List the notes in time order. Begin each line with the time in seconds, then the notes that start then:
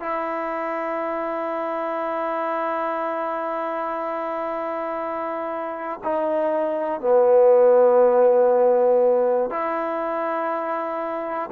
0.00 E4
6.04 D#4
7.01 B3
9.51 E4